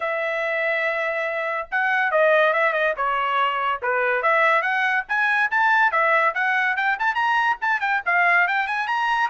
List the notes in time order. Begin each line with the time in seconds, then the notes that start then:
0.00 E5
1.71 F#5
2.11 D#5
2.53 E5
2.73 D#5
2.97 C#5
3.81 B4
4.22 E5
4.62 F#5
5.08 G#5
5.50 A5
5.91 E5
6.34 F#5
6.76 G5
6.99 A5
7.14 A#5
7.61 A5
7.80 G5
8.05 F5
8.47 G5
8.67 G#5
8.87 A#5